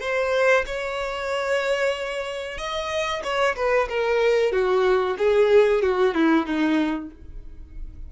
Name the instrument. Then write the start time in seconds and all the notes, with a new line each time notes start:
violin
0.00 C5
0.66 C#5
2.57 D#5
3.23 C#5
3.56 B4
3.89 A#4
4.52 F#4
5.18 G#4
5.82 F#4
6.14 E4
6.46 D#4